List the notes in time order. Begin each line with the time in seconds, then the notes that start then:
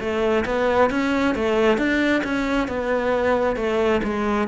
0.00 A3
0.46 B3
0.90 C#4
1.35 A3
1.78 D4
2.24 C#4
2.68 B3
3.56 A3
4.03 G#3